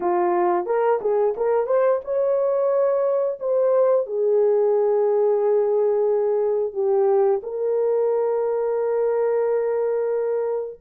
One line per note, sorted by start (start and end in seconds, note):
0.00 0.66 F4
0.66 0.99 A#4
1.01 1.35 G#4
1.36 1.66 A#4
1.66 2.00 C5
2.04 3.39 C#5
3.39 4.06 C5
4.06 6.73 G#4
6.73 7.40 G4
7.42 10.80 A#4